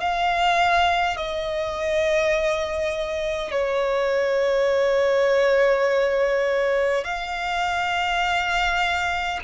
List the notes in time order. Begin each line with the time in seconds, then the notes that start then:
0.00 F5
1.16 D#5
3.51 C#5
7.04 F5